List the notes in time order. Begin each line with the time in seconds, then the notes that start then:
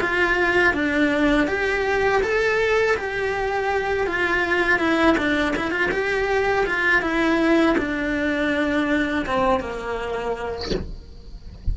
0.00 F4
0.73 D4
1.47 G4
2.22 A4
2.97 G4
4.06 F4
4.79 E4
5.17 D4
5.56 E4
5.71 F4
5.91 G4
6.66 F4
7.01 E4
7.77 D4
9.26 C4
9.60 A#3